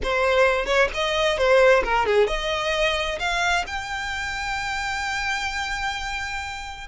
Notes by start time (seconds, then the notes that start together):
0.03 C5
0.65 C#5
0.93 D#5
1.37 C5
1.83 A#4
2.06 G#4
2.27 D#5
3.19 F5
3.66 G5